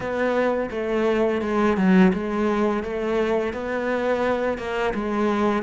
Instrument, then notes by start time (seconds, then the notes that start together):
cello
0.00 B3
0.71 A3
1.41 G#3
1.76 F#3
2.13 G#3
2.83 A3
3.53 B3
4.58 A#3
4.94 G#3